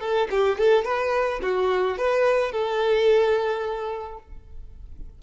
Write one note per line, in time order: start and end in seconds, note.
0.00 0.28 A4
0.30 0.58 G4
0.58 0.84 A4
0.84 1.40 B4
1.42 1.97 F#4
1.97 2.52 B4
2.52 4.18 A4